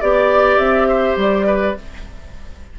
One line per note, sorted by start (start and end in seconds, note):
0.00 0.58 B3
0.00 1.78 G4
0.00 0.88 D5
0.00 0.58 D5
0.58 1.16 C4
0.58 1.17 E5
0.88 1.46 C5
1.16 1.75 G3
1.16 1.79 D5
1.46 1.76 B4